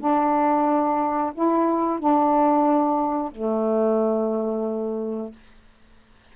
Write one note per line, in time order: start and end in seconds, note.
0.00 1.33 D4
1.35 2.00 E4
2.00 3.32 D4
3.32 5.32 A3